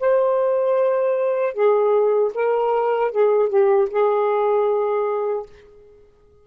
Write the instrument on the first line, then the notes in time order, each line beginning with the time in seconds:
saxophone
0.00 C5
1.54 G#4
2.35 A#4
3.11 G#4
3.49 G4
3.90 G#4